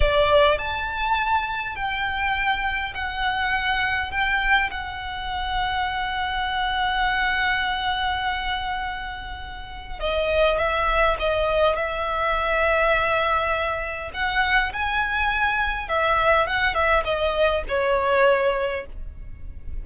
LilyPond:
\new Staff \with { instrumentName = "violin" } { \time 4/4 \tempo 4 = 102 d''4 a''2 g''4~ | g''4 fis''2 g''4 | fis''1~ | fis''1~ |
fis''4 dis''4 e''4 dis''4 | e''1 | fis''4 gis''2 e''4 | fis''8 e''8 dis''4 cis''2 | }